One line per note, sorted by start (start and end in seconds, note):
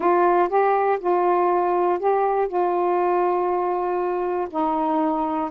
0.00 0.48 F4
0.48 0.98 G4
1.00 1.99 F4
1.99 2.48 G4
2.48 4.48 F4
4.50 5.50 D#4